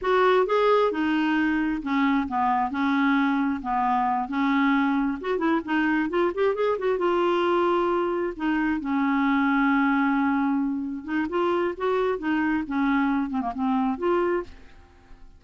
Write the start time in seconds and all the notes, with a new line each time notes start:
0.01 F#4
0.46 G#4
0.91 D#4
1.82 C#4
2.28 B3
2.70 C#4
3.62 B3
4.28 C#4
5.20 F#4
5.38 E4
5.64 D#4
6.09 F4
6.34 G4
6.55 G#4
6.78 F#4
6.98 F4
8.36 D#4
8.80 C#4
11.04 D#4
11.29 F4
11.77 F#4
12.18 D#4
12.67 C#4
13.30 C4
13.41 A#3
13.54 C4
13.98 F4